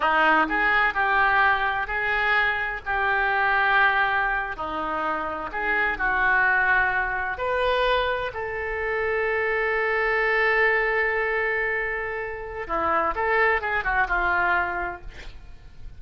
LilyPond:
\new Staff \with { instrumentName = "oboe" } { \time 4/4 \tempo 4 = 128 dis'4 gis'4 g'2 | gis'2 g'2~ | g'4.~ g'16 dis'2 gis'16~ | gis'8. fis'2. b'16~ |
b'4.~ b'16 a'2~ a'16~ | a'1~ | a'2. e'4 | a'4 gis'8 fis'8 f'2 | }